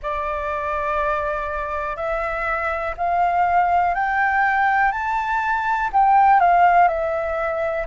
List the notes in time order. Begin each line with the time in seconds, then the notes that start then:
0.02 D5
1.96 E5
2.97 F5
3.94 G5
4.91 A5
5.92 G5
6.39 F5
6.88 E5